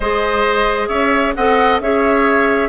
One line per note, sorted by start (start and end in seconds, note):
0.00 0.88 G#3
0.00 1.36 G#4
0.00 0.88 C5
0.00 0.88 D#5
0.88 1.34 C#4
0.88 1.33 C#5
0.88 1.33 E5
1.34 1.79 C4
1.34 1.82 A4
1.34 1.81 D#5
1.34 1.79 F#5
1.79 2.69 C#4
1.79 2.69 G#4
1.79 2.69 C#5
1.79 2.69 E5